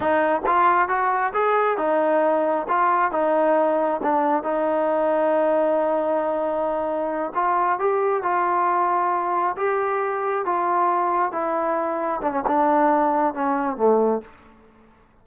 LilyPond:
\new Staff \with { instrumentName = "trombone" } { \time 4/4 \tempo 4 = 135 dis'4 f'4 fis'4 gis'4 | dis'2 f'4 dis'4~ | dis'4 d'4 dis'2~ | dis'1~ |
dis'8 f'4 g'4 f'4.~ | f'4. g'2 f'8~ | f'4. e'2 d'16 cis'16 | d'2 cis'4 a4 | }